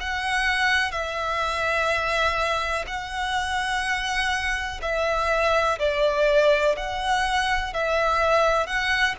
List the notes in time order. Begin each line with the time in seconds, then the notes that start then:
0.00 F#5
0.91 E5
2.87 F#5
4.82 E5
5.79 D5
6.77 F#5
7.73 E5
8.67 F#5